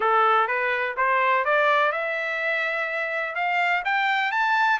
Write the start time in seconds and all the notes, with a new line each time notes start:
0.00 A4
0.47 B4
0.96 C5
1.44 D5
1.91 E5
3.35 F5
3.84 G5
4.31 A5